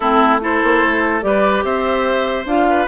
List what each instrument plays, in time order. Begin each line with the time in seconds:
0.00 bassoon A3, clarinet C4, oboe E4, flute A4
0.40 clarinet E4, oboe A4, flute C5
0.63 bassoon A#3
0.83 bassoon A3
1.21 bassoon G3, clarinet G4, oboe B4, flute D5
1.63 bassoon C4, oboe C5, flute E5
2.45 bassoon D4, clarinet F4, flute F5
2.69 oboe B4